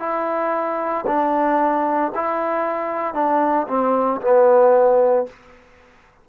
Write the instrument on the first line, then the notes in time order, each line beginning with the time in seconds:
trombone
0.00 E4
1.07 D4
2.15 E4
3.14 D4
3.68 C4
4.22 B3